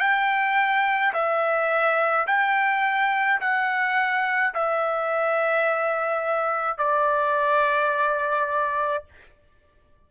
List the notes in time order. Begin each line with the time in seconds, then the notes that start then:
0.00 G5
1.14 E5
2.27 G5
3.41 F#5
4.54 E5
6.78 D5